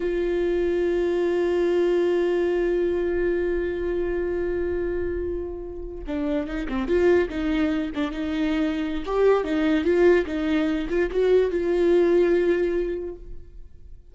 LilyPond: \new Staff \with { instrumentName = "viola" } { \time 4/4 \tempo 4 = 146 f'1~ | f'1~ | f'1~ | f'2~ f'8. d'4 dis'16~ |
dis'16 c'8 f'4 dis'4. d'8 dis'16~ | dis'2 g'4 dis'4 | f'4 dis'4. f'8 fis'4 | f'1 | }